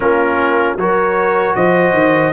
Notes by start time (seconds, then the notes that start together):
0.00 A#3 C#4 F4 A#4
0.76 F#3 F#4 A#4 C#5
1.55 F3 C5 D#5
1.92 D#3